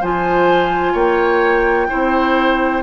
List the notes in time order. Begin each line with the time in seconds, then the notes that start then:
0.00 F3 F4 C5 G#5
0.93 A#3 C#5 G5
1.89 C4 E4 C5